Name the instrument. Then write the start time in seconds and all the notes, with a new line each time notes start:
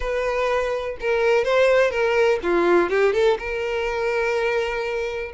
violin
0.00 B4
1.00 A#4
1.44 C5
1.90 A#4
2.42 F4
2.89 G4
3.13 A4
3.38 A#4